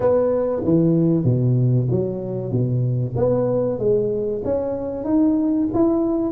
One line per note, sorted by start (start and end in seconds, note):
0.00 0.63 B3
0.64 1.24 E3
1.24 1.87 B2
1.90 2.51 F#3
2.51 3.14 B2
3.16 3.78 B3
3.78 4.42 G#3
4.44 5.04 C#4
5.04 5.67 D#4
5.73 6.31 E4